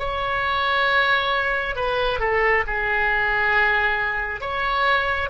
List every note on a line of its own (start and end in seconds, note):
0.00 1.76 C#5
1.76 2.20 B4
2.20 2.64 A4
2.67 4.42 G#4
4.42 5.30 C#5